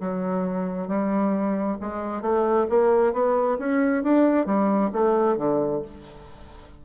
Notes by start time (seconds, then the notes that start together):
0.00 F#3
0.88 G3
1.81 G#3
2.22 A3
2.69 A#3
3.13 B3
3.58 C#4
4.03 D4
4.46 G3
4.92 A3
5.37 D3